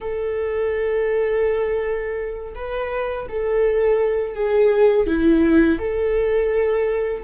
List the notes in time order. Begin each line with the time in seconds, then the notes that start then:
0.00 A4
2.55 B4
3.29 A4
4.34 G#4
5.06 E4
5.78 A4